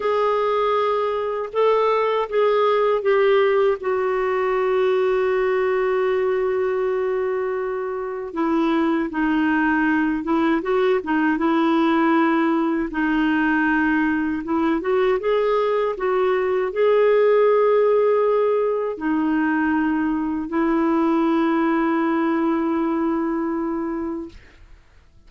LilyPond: \new Staff \with { instrumentName = "clarinet" } { \time 4/4 \tempo 4 = 79 gis'2 a'4 gis'4 | g'4 fis'2.~ | fis'2. e'4 | dis'4. e'8 fis'8 dis'8 e'4~ |
e'4 dis'2 e'8 fis'8 | gis'4 fis'4 gis'2~ | gis'4 dis'2 e'4~ | e'1 | }